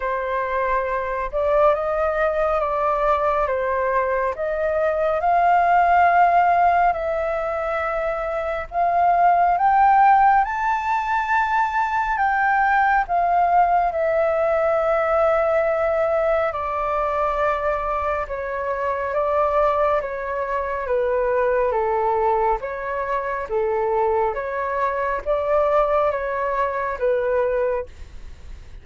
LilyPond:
\new Staff \with { instrumentName = "flute" } { \time 4/4 \tempo 4 = 69 c''4. d''8 dis''4 d''4 | c''4 dis''4 f''2 | e''2 f''4 g''4 | a''2 g''4 f''4 |
e''2. d''4~ | d''4 cis''4 d''4 cis''4 | b'4 a'4 cis''4 a'4 | cis''4 d''4 cis''4 b'4 | }